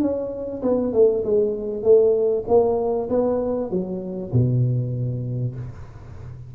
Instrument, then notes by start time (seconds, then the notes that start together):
tuba
0.00 C#4
0.62 B3
0.93 A3
1.24 G#3
1.83 A3
2.47 A#3
3.09 B3
3.70 F#3
4.32 B2